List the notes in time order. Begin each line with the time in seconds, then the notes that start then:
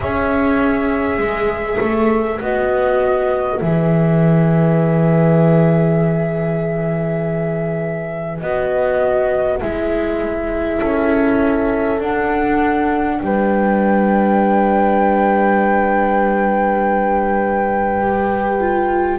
0.00 C#4 G#4 C#5 E5
1.18 G#3 B4
1.80 A3
2.40 B3 F#4 D#5
3.58 E3 G#4 E5
8.38 B3 F#4 D#5
9.60 G#3 E4 E5
10.79 C#4 A4
12.00 D4 F#5
13.19 G3 B4 G5
18.00 G4
18.60 F4